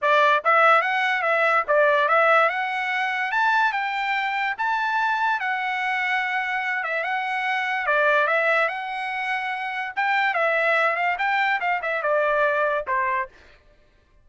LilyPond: \new Staff \with { instrumentName = "trumpet" } { \time 4/4 \tempo 4 = 145 d''4 e''4 fis''4 e''4 | d''4 e''4 fis''2 | a''4 g''2 a''4~ | a''4 fis''2.~ |
fis''8 e''8 fis''2 d''4 | e''4 fis''2. | g''4 e''4. f''8 g''4 | f''8 e''8 d''2 c''4 | }